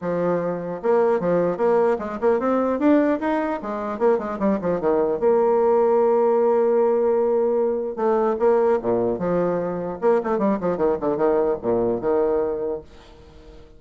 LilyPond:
\new Staff \with { instrumentName = "bassoon" } { \time 4/4 \tempo 4 = 150 f2 ais4 f4 | ais4 gis8 ais8 c'4 d'4 | dis'4 gis4 ais8 gis8 g8 f8 | dis4 ais2.~ |
ais1 | a4 ais4 ais,4 f4~ | f4 ais8 a8 g8 f8 dis8 d8 | dis4 ais,4 dis2 | }